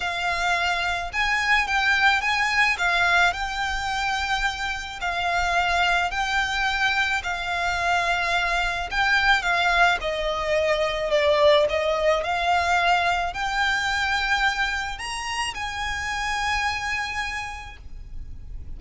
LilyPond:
\new Staff \with { instrumentName = "violin" } { \time 4/4 \tempo 4 = 108 f''2 gis''4 g''4 | gis''4 f''4 g''2~ | g''4 f''2 g''4~ | g''4 f''2. |
g''4 f''4 dis''2 | d''4 dis''4 f''2 | g''2. ais''4 | gis''1 | }